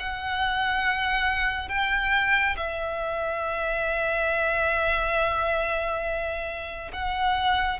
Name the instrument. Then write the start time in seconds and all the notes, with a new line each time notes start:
violin
0.00 F#5
1.69 G5
2.57 E5
6.93 F#5